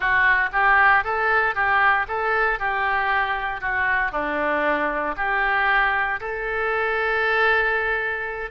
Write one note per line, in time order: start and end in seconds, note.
0.00 0.49 F#4
0.52 1.03 G4
1.03 1.54 A4
1.54 2.06 G4
2.07 2.59 A4
2.59 3.60 G4
3.60 4.11 F#4
4.11 5.15 D4
5.16 6.20 G4
6.20 8.51 A4